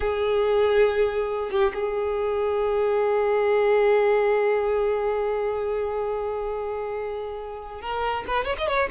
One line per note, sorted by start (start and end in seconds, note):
0.00 1.50 G#4
1.50 1.72 G4
1.74 7.81 G#4
7.81 8.24 A#4
8.27 8.45 B4
8.45 8.56 C#5
8.58 8.67 D#5
8.67 8.89 C#5